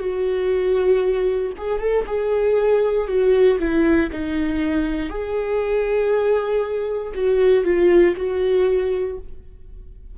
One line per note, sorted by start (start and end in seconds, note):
0.00 1.53 F#4
1.58 1.80 G#4
1.80 2.06 A4
2.07 3.08 G#4
3.08 3.59 F#4
3.59 4.10 E4
4.12 5.10 D#4
5.10 7.13 G#4
7.15 7.65 F#4
7.65 8.15 F4
8.17 9.18 F#4